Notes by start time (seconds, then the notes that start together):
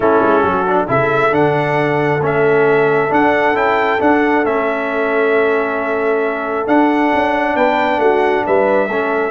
0.00 A3 C#4 E4 A4
0.22 G#3
0.42 F#3 F#4
0.66 D4
0.87 C#3 E4 A4 E5
1.31 D3 D4 F#5
2.20 A3 C#4 E5
3.09 D4 F#5
3.53 C#4 E4 G5
3.99 D4 F#5
4.45 A3 C#4 E5
6.66 D4 F#5
7.13 C#4
7.55 B3 B4 G5
7.97 A3 F#4 F#5
8.46 G3 B4 E5
8.87 A3 C#4 A4